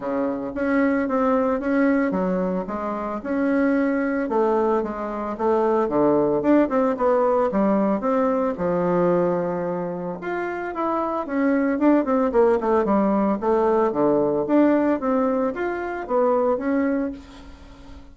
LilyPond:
\new Staff \with { instrumentName = "bassoon" } { \time 4/4 \tempo 4 = 112 cis4 cis'4 c'4 cis'4 | fis4 gis4 cis'2 | a4 gis4 a4 d4 | d'8 c'8 b4 g4 c'4 |
f2. f'4 | e'4 cis'4 d'8 c'8 ais8 a8 | g4 a4 d4 d'4 | c'4 f'4 b4 cis'4 | }